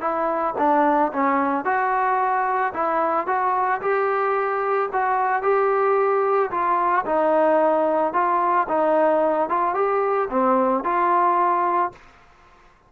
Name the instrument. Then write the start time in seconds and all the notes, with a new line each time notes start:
trombone
0.00 E4
0.58 D4
1.12 C#4
1.64 F#4
2.73 E4
3.27 F#4
3.81 G4
4.93 F#4
5.42 G4
6.51 F4
7.05 D#4
8.13 F4
8.68 D#4
9.49 F4
9.74 G4
10.30 C4
10.84 F4